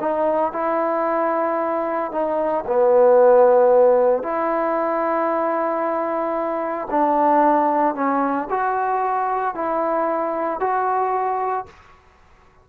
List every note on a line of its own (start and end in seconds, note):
0.00 0.52 D#4
0.52 2.11 E4
2.11 2.65 D#4
2.67 4.23 B3
4.23 6.88 E4
6.90 7.95 D4
7.95 8.48 C#4
8.50 9.55 F#4
9.55 10.60 E4
10.60 11.66 F#4